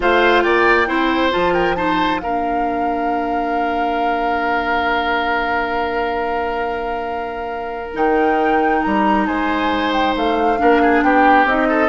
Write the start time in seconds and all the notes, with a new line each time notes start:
0.00 A3 F4 C5 F5
0.42 A#3 D5 G5
0.86 C4 E4 C5
1.30 F3 F4 A5
1.53 A#4 G5
1.75 D#4 C5 A5
2.19 A#3 D4 A#4 F5
7.93 D#3 D#4 G5
8.82 G3 A#5
9.26 G#3 C5 G#5
9.92 G5
10.16 A3 F5
10.58 A#3 D4 A#4
10.82 G#4
11.02 B3 G4 G5
11.45 C4 D#4 D#5
11.68 A4